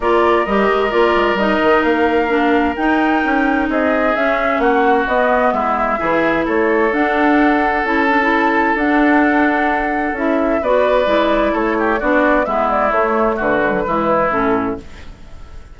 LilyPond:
<<
  \new Staff \with { instrumentName = "flute" } { \time 4/4 \tempo 4 = 130 d''4 dis''4 d''4 dis''4 | f''2 g''2 | dis''4 e''4 fis''4 dis''4 | e''2 cis''4 fis''4~ |
fis''4 a''2 fis''4~ | fis''2 e''4 d''4~ | d''4 cis''4 d''4 e''8 d''8 | cis''4 b'2 a'4 | }
  \new Staff \with { instrumentName = "oboe" } { \time 4/4 ais'1~ | ais'1 | gis'2 fis'2 | e'4 gis'4 a'2~ |
a'1~ | a'2. b'4~ | b'4 a'8 g'8 fis'4 e'4~ | e'4 fis'4 e'2 | }
  \new Staff \with { instrumentName = "clarinet" } { \time 4/4 f'4 g'4 f'4 dis'4~ | dis'4 d'4 dis'2~ | dis'4 cis'2 b4~ | b4 e'2 d'4~ |
d'4 e'8 d'16 e'4~ e'16 d'4~ | d'2 e'4 fis'4 | e'2 d'4 b4 | a4. gis16 fis16 gis4 cis'4 | }
  \new Staff \with { instrumentName = "bassoon" } { \time 4/4 ais4 g8 gis8 ais8 gis8 g8 dis8 | ais2 dis'4 cis'4 | c'4 cis'4 ais4 b4 | gis4 e4 a4 d'4~ |
d'4 cis'2 d'4~ | d'2 cis'4 b4 | gis4 a4 b4 gis4 | a4 d4 e4 a,4 | }
>>